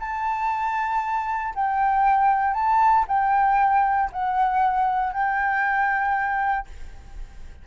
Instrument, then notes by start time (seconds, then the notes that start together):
flute
0.00 A5
1.55 G5
2.54 A5
3.08 G5
4.12 F#5
5.13 G5